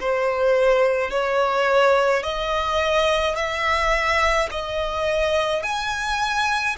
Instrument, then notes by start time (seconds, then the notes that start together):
violin
0.00 C5
1.10 C#5
2.23 D#5
3.36 E5
4.51 D#5
5.63 G#5